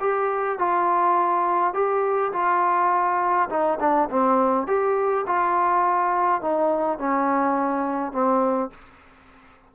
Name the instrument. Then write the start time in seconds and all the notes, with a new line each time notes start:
trombone
0.00 G4
0.58 F4
1.74 G4
2.32 F4
3.49 D#4
3.80 D4
4.09 C4
4.67 G4
5.26 F4
6.41 D#4
6.98 C#4
8.12 C4